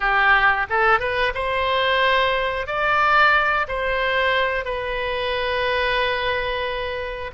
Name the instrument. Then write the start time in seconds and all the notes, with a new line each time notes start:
oboe
0.00 G4
0.69 A4
0.99 B4
1.34 C5
2.66 D5
3.68 C5
4.64 B4